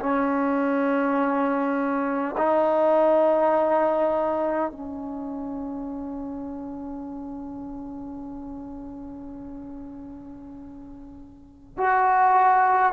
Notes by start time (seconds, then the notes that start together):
0.00 C#4
2.37 D#4
4.72 C#4
11.78 F#4